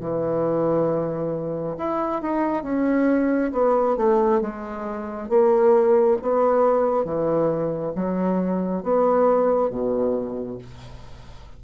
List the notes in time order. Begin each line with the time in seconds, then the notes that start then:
0.00 E3
1.77 E4
2.22 D#4
2.63 C#4
3.52 B3
3.97 A3
4.41 G#3
5.29 A#3
6.22 B3
7.05 E3
7.95 F#3
8.83 B3
9.70 B2